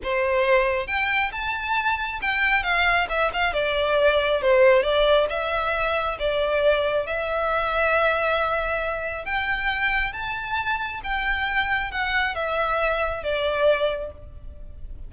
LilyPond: \new Staff \with { instrumentName = "violin" } { \time 4/4 \tempo 4 = 136 c''2 g''4 a''4~ | a''4 g''4 f''4 e''8 f''8 | d''2 c''4 d''4 | e''2 d''2 |
e''1~ | e''4 g''2 a''4~ | a''4 g''2 fis''4 | e''2 d''2 | }